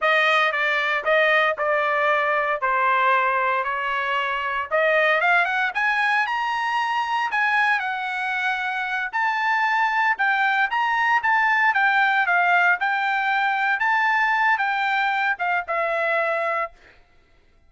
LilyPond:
\new Staff \with { instrumentName = "trumpet" } { \time 4/4 \tempo 4 = 115 dis''4 d''4 dis''4 d''4~ | d''4 c''2 cis''4~ | cis''4 dis''4 f''8 fis''8 gis''4 | ais''2 gis''4 fis''4~ |
fis''4. a''2 g''8~ | g''8 ais''4 a''4 g''4 f''8~ | f''8 g''2 a''4. | g''4. f''8 e''2 | }